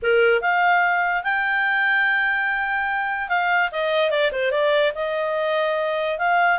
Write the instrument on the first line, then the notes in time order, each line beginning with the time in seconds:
clarinet
0.02 A#4
0.41 F5
1.23 G5
3.29 F5
3.71 D#5
4.10 D5
4.32 C5
4.51 D5
4.94 D#5
6.18 F5